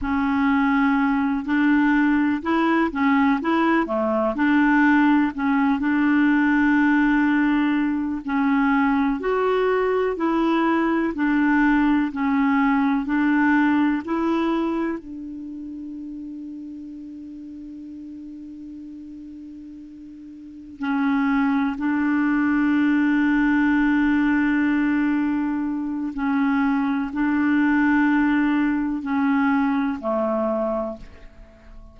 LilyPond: \new Staff \with { instrumentName = "clarinet" } { \time 4/4 \tempo 4 = 62 cis'4. d'4 e'8 cis'8 e'8 | a8 d'4 cis'8 d'2~ | d'8 cis'4 fis'4 e'4 d'8~ | d'8 cis'4 d'4 e'4 d'8~ |
d'1~ | d'4. cis'4 d'4.~ | d'2. cis'4 | d'2 cis'4 a4 | }